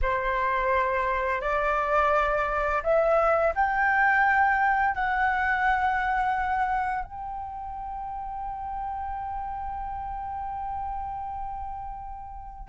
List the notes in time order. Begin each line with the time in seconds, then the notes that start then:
0.02 C5
1.41 D5
2.83 E5
3.55 G5
4.94 F#5
7.04 G5